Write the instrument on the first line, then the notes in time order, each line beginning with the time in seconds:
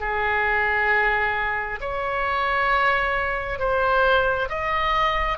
oboe
0.00 G#4
1.81 C#5
3.59 C5
4.49 D#5